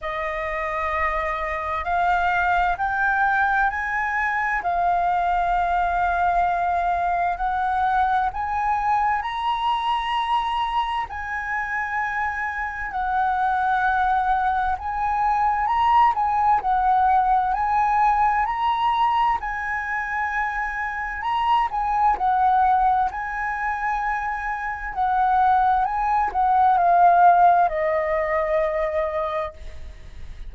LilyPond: \new Staff \with { instrumentName = "flute" } { \time 4/4 \tempo 4 = 65 dis''2 f''4 g''4 | gis''4 f''2. | fis''4 gis''4 ais''2 | gis''2 fis''2 |
gis''4 ais''8 gis''8 fis''4 gis''4 | ais''4 gis''2 ais''8 gis''8 | fis''4 gis''2 fis''4 | gis''8 fis''8 f''4 dis''2 | }